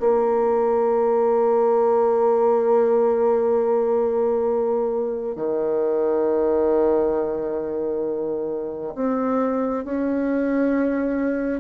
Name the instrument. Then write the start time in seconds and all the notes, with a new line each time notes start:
bassoon
0.00 A#3
5.36 D#3
8.95 C4
9.85 C#4